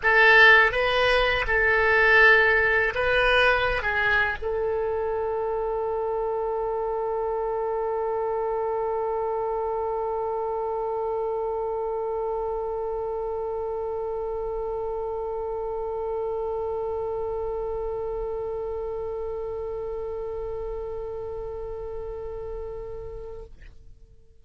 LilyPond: \new Staff \with { instrumentName = "oboe" } { \time 4/4 \tempo 4 = 82 a'4 b'4 a'2 | b'4~ b'16 gis'8. a'2~ | a'1~ | a'1~ |
a'1~ | a'1~ | a'1~ | a'1 | }